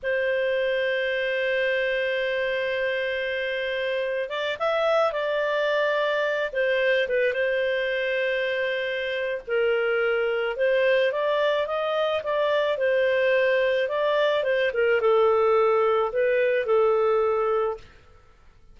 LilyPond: \new Staff \with { instrumentName = "clarinet" } { \time 4/4 \tempo 4 = 108 c''1~ | c''2.~ c''8. d''16~ | d''16 e''4 d''2~ d''8 c''16~ | c''8. b'8 c''2~ c''8.~ |
c''4 ais'2 c''4 | d''4 dis''4 d''4 c''4~ | c''4 d''4 c''8 ais'8 a'4~ | a'4 b'4 a'2 | }